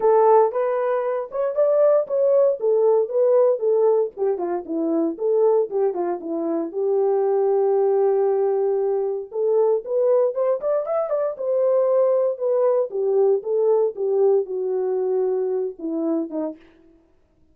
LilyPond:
\new Staff \with { instrumentName = "horn" } { \time 4/4 \tempo 4 = 116 a'4 b'4. cis''8 d''4 | cis''4 a'4 b'4 a'4 | g'8 f'8 e'4 a'4 g'8 f'8 | e'4 g'2.~ |
g'2 a'4 b'4 | c''8 d''8 e''8 d''8 c''2 | b'4 g'4 a'4 g'4 | fis'2~ fis'8 e'4 dis'8 | }